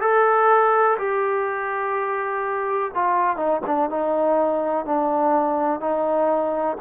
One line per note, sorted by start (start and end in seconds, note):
0.00 0.97 A4
0.98 2.91 G4
2.94 3.36 F4
3.36 3.60 D#4
3.66 3.89 D4
3.89 4.85 D#4
4.85 5.80 D4
5.80 6.77 D#4